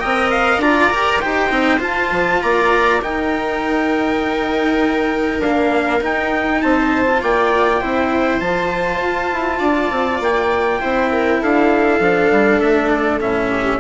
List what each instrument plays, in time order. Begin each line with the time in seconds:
0.00 bassoon C4, cello A#4, viola D#5, trumpet G5
0.31 trumpet F5
0.58 bassoon D4, cello F4, viola D5, trumpet A#5
0.91 bassoon G4, cello A#4
1.21 bassoon D#4, cello G4, viola C5, trumpet G5
1.49 bassoon C4, cello D#4
1.78 bassoon F4, cello F4, trumpet A5
2.12 bassoon F3
2.42 bassoon A#3, viola D5, trumpet A#5
3.02 bassoon D#4, cello D#4, viola A#4, trumpet G5
5.39 cello A#3, bassoon D4, trumpet F5
6.01 cello D#4, bassoon D#4, trumpet G5
6.62 bassoon C4, viola C5, trumpet A5
7.07 cello F4
7.22 bassoon A#3, viola D5, trumpet G5
7.81 bassoon C4, cello E4, viola C5
8.40 bassoon F3, cello F4, trumpet A5
9.01 bassoon F4
9.33 bassoon E4
9.59 bassoon D4, viola D5
9.91 bassoon C4
10.21 bassoon A#3, trumpet G5
10.81 bassoon C4, cello E4, viola C5
11.12 viola A#4
11.41 bassoon D4, viola A4, trumpet F5
12.00 bassoon F3, cello D4
12.32 bassoon G3
12.61 bassoon A3, trumpet E5
12.89 trumpet D5
13.21 bassoon A2, cello C#4, trumpet E5
13.51 viola G4